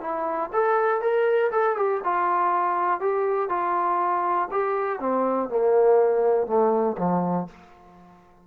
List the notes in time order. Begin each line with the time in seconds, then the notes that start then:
0.00 E4
0.52 A4
1.01 A#4
1.51 A4
1.76 G4
2.04 F4
3.00 G4
3.49 F4
4.51 G4
4.99 C4
5.49 A#3
6.46 A3
6.97 F3